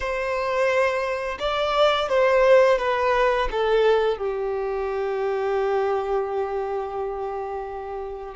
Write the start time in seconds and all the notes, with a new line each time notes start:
0.00 C5
1.39 D5
2.08 C5
2.78 B4
3.51 A4
4.17 G4